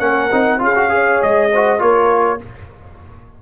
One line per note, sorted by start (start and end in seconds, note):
0.00 0.30 A#3
0.00 0.30 C#4
0.00 0.62 A#4
0.00 0.60 F#5
0.32 0.61 C4
0.32 0.59 D#4
0.59 1.21 C#4
0.59 0.74 F4
0.59 0.92 G#4
0.59 1.23 F5
0.76 0.89 F#4
0.89 1.49 G#4
0.89 1.52 C#5
1.23 1.81 G#3
1.23 1.81 D#5
1.52 1.79 F#4
1.52 1.82 C5
1.79 2.41 A#3
1.79 2.39 F4
1.79 2.42 A#4
1.79 2.41 C#5